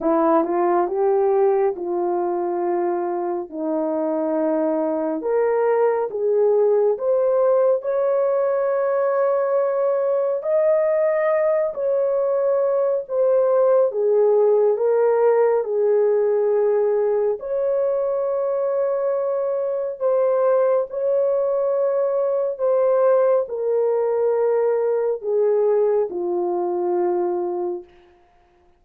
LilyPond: \new Staff \with { instrumentName = "horn" } { \time 4/4 \tempo 4 = 69 e'8 f'8 g'4 f'2 | dis'2 ais'4 gis'4 | c''4 cis''2. | dis''4. cis''4. c''4 |
gis'4 ais'4 gis'2 | cis''2. c''4 | cis''2 c''4 ais'4~ | ais'4 gis'4 f'2 | }